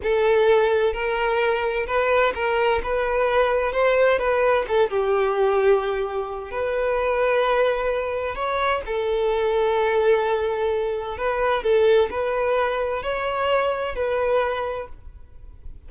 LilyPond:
\new Staff \with { instrumentName = "violin" } { \time 4/4 \tempo 4 = 129 a'2 ais'2 | b'4 ais'4 b'2 | c''4 b'4 a'8 g'4.~ | g'2 b'2~ |
b'2 cis''4 a'4~ | a'1 | b'4 a'4 b'2 | cis''2 b'2 | }